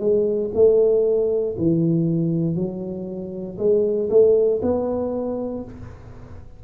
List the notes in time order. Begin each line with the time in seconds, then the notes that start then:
0.00 G#3
0.55 A3
1.58 E3
2.56 F#3
3.59 G#3
4.10 A3
4.63 B3